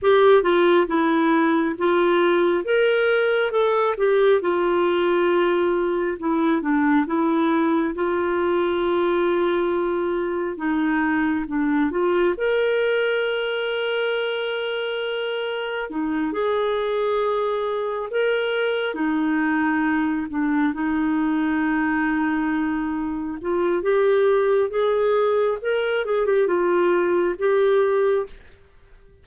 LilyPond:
\new Staff \with { instrumentName = "clarinet" } { \time 4/4 \tempo 4 = 68 g'8 f'8 e'4 f'4 ais'4 | a'8 g'8 f'2 e'8 d'8 | e'4 f'2. | dis'4 d'8 f'8 ais'2~ |
ais'2 dis'8 gis'4.~ | gis'8 ais'4 dis'4. d'8 dis'8~ | dis'2~ dis'8 f'8 g'4 | gis'4 ais'8 gis'16 g'16 f'4 g'4 | }